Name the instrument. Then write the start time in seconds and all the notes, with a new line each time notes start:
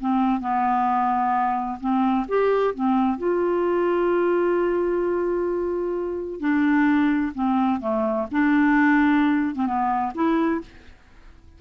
clarinet
0.00 C4
0.40 B3
1.80 C4
2.28 G4
2.74 C4
3.17 F4
6.40 D4
7.34 C4
7.80 A3
8.31 D4
9.55 C4
9.66 B3
10.14 E4